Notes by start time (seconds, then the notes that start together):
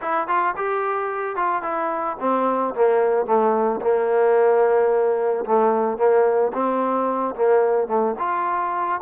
0.01 E4
0.27 F4
0.56 G4
1.36 F4
1.62 E4
2.19 C4
2.74 A#3
3.26 A3
3.81 A#3
5.45 A3
5.97 A#3
6.53 C4
7.35 A#3
7.87 A3
8.18 F4